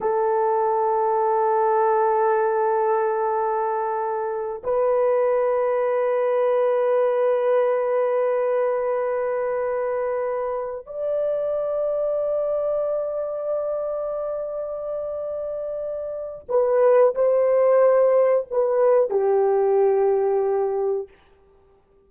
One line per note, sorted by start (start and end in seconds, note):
0.01 4.62 A4
4.63 10.86 B4
10.86 16.46 D5
16.48 17.14 B4
17.15 18.46 C5
18.50 19.10 B4
19.10 21.07 G4